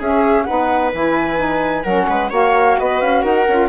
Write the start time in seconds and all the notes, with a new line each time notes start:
0.00 C#4 G#4 E5
0.44 D#4 B4 F#5
0.50 B3
0.94 E3 E4 G#5
1.37 D#4
1.84 F#3 C#4 A#4 F#5
2.10 G#3 B4
2.31 A#3 F#4 C#5 F5
2.80 B3 B4 D#5
3.01 C#4 F5
3.23 D#4 A#4 F#5
3.48 C#4 F4